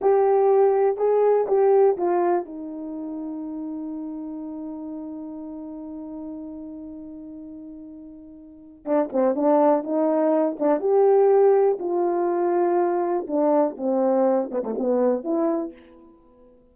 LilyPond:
\new Staff \with { instrumentName = "horn" } { \time 4/4 \tempo 4 = 122 g'2 gis'4 g'4 | f'4 dis'2.~ | dis'1~ | dis'1~ |
dis'2 d'8 c'8 d'4 | dis'4. d'8 g'2 | f'2. d'4 | c'4. b16 a16 b4 e'4 | }